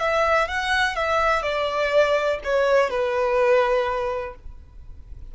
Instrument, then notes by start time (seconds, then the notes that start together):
violin
0.00 E5
0.48 F#5
0.96 E5
1.43 D5
2.45 C#5
2.90 B4